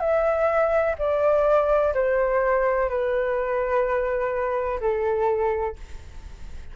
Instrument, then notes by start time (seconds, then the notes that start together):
flute
0.00 E5
0.98 D5
1.94 C5
2.89 B4
4.81 A4